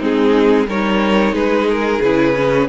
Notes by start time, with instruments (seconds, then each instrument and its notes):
0.00 cello G#3, viola C4, violin D#4 G#4
0.67 cello G3, viola D#4, violin A#4 C#5
1.32 cello G#3, violin G#4 B4
1.70 violin A#4
2.01 cello C#3, viola E4, violin B4
2.35 viola C#4